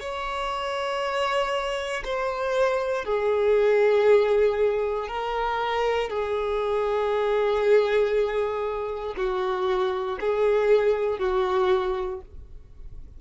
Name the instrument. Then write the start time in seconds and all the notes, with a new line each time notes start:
violin
0.00 C#5
2.05 C5
3.05 G#4
5.08 A#4
6.10 G#4
9.17 F#4
10.20 G#4
11.19 F#4